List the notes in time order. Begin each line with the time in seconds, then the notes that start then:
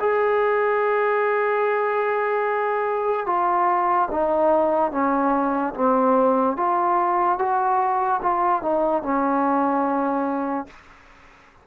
0.00 G#4
3.27 F4
4.11 D#4
4.92 C#4
5.75 C4
6.57 F4
7.39 F#4
8.22 F4
8.62 D#4
9.03 C#4